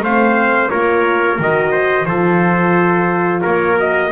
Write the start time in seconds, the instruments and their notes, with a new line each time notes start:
0.00 double bass A3, horn C4, trumpet C5 F5
0.69 double bass A#3, horn F4, trumpet A#4 C#5
1.39 double bass D#3, horn F#4, trumpet D#5
1.71 trumpet C5
2.05 double bass F3, horn F4, trumpet A4 C5
3.41 double bass A#3, trumpet A#4 C#5
3.77 horn F#4, trumpet D#5